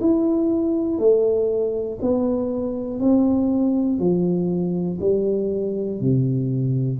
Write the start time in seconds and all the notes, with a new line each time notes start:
0.00 E4
0.98 A3
2.01 B3
2.99 C4
3.99 F3
5.00 G3
6.00 C3